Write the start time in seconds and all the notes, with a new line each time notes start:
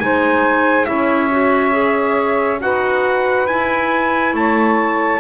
0.00 G#3 D#4 C5 G#5
0.85 C#4 E4 C#5 E5
1.31 F#4
1.72 G#4
2.60 D#4 F#4 B4 F#5
3.47 E4 G#5
4.34 A3 C#5 A5